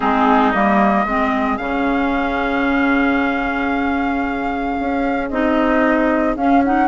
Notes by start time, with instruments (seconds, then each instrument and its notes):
0.00 bassoon G#3, clarinet C4, oboe D#4, flute G#4
0.51 bassoon G3, clarinet A#3, flute D#5
1.05 bassoon G#3, clarinet C4, oboe G#4
1.57 bassoon C#3, clarinet C#4, flute F5
4.79 bassoon C#4
5.29 bassoon C4, clarinet D#4, flute D#5
6.36 bassoon C#4, clarinet C#4, flute F5
6.64 clarinet D#4, flute F#5